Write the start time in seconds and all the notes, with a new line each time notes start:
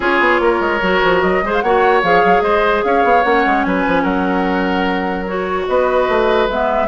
0.00 C#4 F4 G#4 C#5
0.19 B3
0.40 A#3 A#4
0.60 G#3
0.81 F#3 F#4
1.03 F3
1.20 F#3 D#5
1.42 G#3 G#4 C5
1.53 F5
1.60 A#3 F#4 C#5 F#5
2.02 F3 G#4 F5
2.24 F#3
2.41 G#3 C5 D#5
2.83 C#4 C#5 F5
3.03 B3
3.23 A#3 C#4 F#5
3.45 G#3
3.63 F#3 B4 G#5
3.87 F3
4.02 F#3 A#4 F#5
5.25 F#4 C#5
5.67 B3 B4 D#5
6.08 A3
6.48 G#3 B3 E5